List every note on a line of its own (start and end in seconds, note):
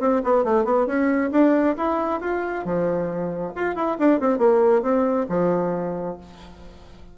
0.00 0.22 C4
0.24 0.44 B3
0.44 0.65 A3
0.65 0.87 B3
0.87 1.31 C#4
1.32 1.76 D4
1.77 2.21 E4
2.21 2.65 F4
2.65 3.53 F3
3.56 3.75 F4
3.75 3.97 E4
3.99 4.20 D4
4.20 4.38 C4
4.38 4.82 A#3
4.82 5.26 C4
5.29 6.17 F3